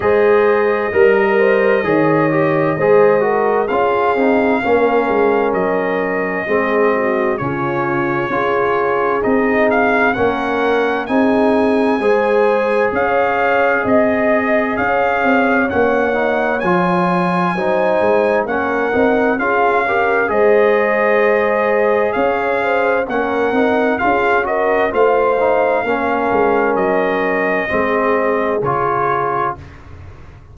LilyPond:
<<
  \new Staff \with { instrumentName = "trumpet" } { \time 4/4 \tempo 4 = 65 dis''1 | f''2 dis''2 | cis''2 dis''8 f''8 fis''4 | gis''2 f''4 dis''4 |
f''4 fis''4 gis''2 | fis''4 f''4 dis''2 | f''4 fis''4 f''8 dis''8 f''4~ | f''4 dis''2 cis''4 | }
  \new Staff \with { instrumentName = "horn" } { \time 4/4 c''4 ais'8 c''8 cis''4 c''8 ais'8 | gis'4 ais'2 gis'8 fis'8 | f'4 gis'2 ais'4 | gis'4 c''4 cis''4 dis''4 |
cis''2. c''4 | ais'4 gis'8 ais'8 c''2 | cis''8 c''8 ais'4 gis'8 ais'8 c''4 | ais'2 gis'2 | }
  \new Staff \with { instrumentName = "trombone" } { \time 4/4 gis'4 ais'4 gis'8 g'8 gis'8 fis'8 | f'8 dis'8 cis'2 c'4 | cis'4 f'4 dis'4 cis'4 | dis'4 gis'2.~ |
gis'4 cis'8 dis'8 f'4 dis'4 | cis'8 dis'8 f'8 g'8 gis'2~ | gis'4 cis'8 dis'8 f'8 fis'8 f'8 dis'8 | cis'2 c'4 f'4 | }
  \new Staff \with { instrumentName = "tuba" } { \time 4/4 gis4 g4 dis4 gis4 | cis'8 c'8 ais8 gis8 fis4 gis4 | cis4 cis'4 c'4 ais4 | c'4 gis4 cis'4 c'4 |
cis'8 c'8 ais4 f4 fis8 gis8 | ais8 c'8 cis'4 gis2 | cis'4 ais8 c'8 cis'4 a4 | ais8 gis8 fis4 gis4 cis4 | }
>>